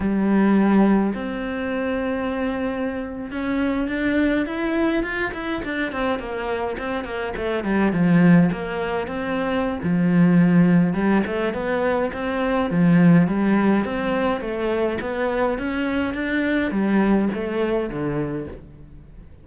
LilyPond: \new Staff \with { instrumentName = "cello" } { \time 4/4 \tempo 4 = 104 g2 c'2~ | c'4.~ c'16 cis'4 d'4 e'16~ | e'8. f'8 e'8 d'8 c'8 ais4 c'16~ | c'16 ais8 a8 g8 f4 ais4 c'16~ |
c'4 f2 g8 a8 | b4 c'4 f4 g4 | c'4 a4 b4 cis'4 | d'4 g4 a4 d4 | }